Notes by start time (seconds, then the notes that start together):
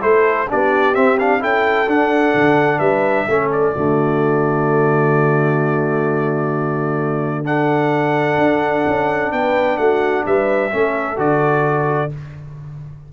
0.00 A3 E4 A4 C5
0.48 B3 D4 G4 D5
0.95 C4 E5
1.19 D4 F5
1.40 C#4 E4 A4 G5
1.87 D4 F#5
2.35 D3
2.79 G3 B4 E5
3.28 A3 C#4 A4
3.53 D5
3.75 D3 A3 F#4
7.45 D4 A4 F#5
8.38 D4
8.87 C#4
9.32 B3 B4 G5
9.78 A3 F#4 F#5
10.26 G3 B4 E5
10.71 A3 C#4 A4
11.16 D3 F#4 D5